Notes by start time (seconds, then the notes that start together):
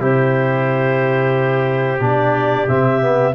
0.00 C3 E4 G4 C5
2.00 B2 D4 D5
2.68 C3 C4 E5
3.02 B3